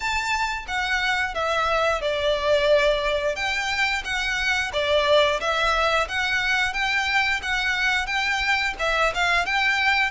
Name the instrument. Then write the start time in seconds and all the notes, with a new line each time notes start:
violin
0.00 A5
0.67 F#5
1.34 E5
2.01 D5
3.35 G5
4.04 F#5
4.72 D5
5.40 E5
6.08 F#5
6.73 G5
7.42 F#5
8.06 G5
8.79 E5
9.14 F5
9.45 G5